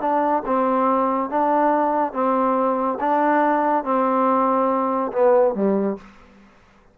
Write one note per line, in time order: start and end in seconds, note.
0.00 0.43 D4
0.45 1.29 C4
1.29 2.13 D4
2.13 2.98 C4
3.00 3.84 D4
3.84 5.11 C4
5.12 5.54 B3
5.54 5.97 G3